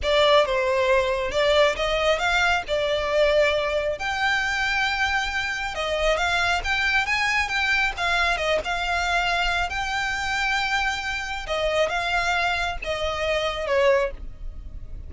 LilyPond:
\new Staff \with { instrumentName = "violin" } { \time 4/4 \tempo 4 = 136 d''4 c''2 d''4 | dis''4 f''4 d''2~ | d''4 g''2.~ | g''4 dis''4 f''4 g''4 |
gis''4 g''4 f''4 dis''8 f''8~ | f''2 g''2~ | g''2 dis''4 f''4~ | f''4 dis''2 cis''4 | }